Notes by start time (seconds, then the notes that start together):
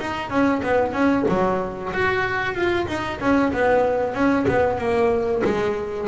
0.00 D#4
0.30 C#4
0.63 B3
0.93 C#4
1.29 F#3
1.93 F#4
2.54 F4
2.87 D#4
3.20 C#4
3.53 B3
4.14 C#4
4.48 B3
4.78 A#3
5.44 G#3